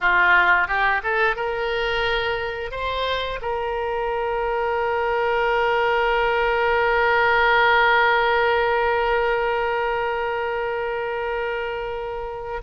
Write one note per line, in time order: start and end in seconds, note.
0.00 0.67 F4
0.67 1.01 G4
1.03 1.35 A4
1.35 2.71 A#4
2.71 3.39 C5
3.41 12.62 A#4